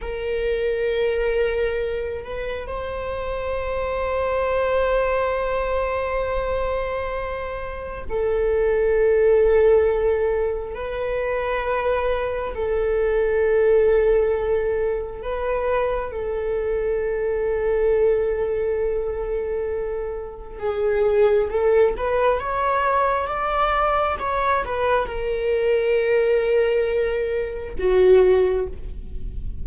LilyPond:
\new Staff \with { instrumentName = "viola" } { \time 4/4 \tempo 4 = 67 ais'2~ ais'8 b'8 c''4~ | c''1~ | c''4 a'2. | b'2 a'2~ |
a'4 b'4 a'2~ | a'2. gis'4 | a'8 b'8 cis''4 d''4 cis''8 b'8 | ais'2. fis'4 | }